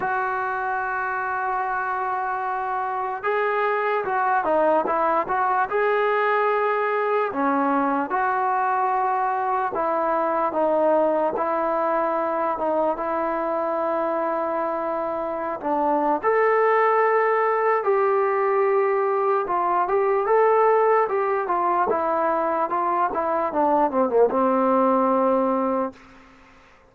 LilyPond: \new Staff \with { instrumentName = "trombone" } { \time 4/4 \tempo 4 = 74 fis'1 | gis'4 fis'8 dis'8 e'8 fis'8 gis'4~ | gis'4 cis'4 fis'2 | e'4 dis'4 e'4. dis'8 |
e'2.~ e'16 d'8. | a'2 g'2 | f'8 g'8 a'4 g'8 f'8 e'4 | f'8 e'8 d'8 c'16 ais16 c'2 | }